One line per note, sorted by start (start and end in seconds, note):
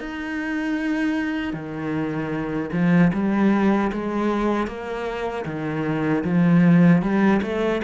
0.00 1.53 D#4
1.53 2.70 D#3
2.72 3.11 F3
3.13 3.91 G3
3.92 4.67 G#3
4.67 5.45 A#3
5.46 6.24 D#3
6.24 7.02 F3
7.02 7.41 G3
7.42 7.81 A3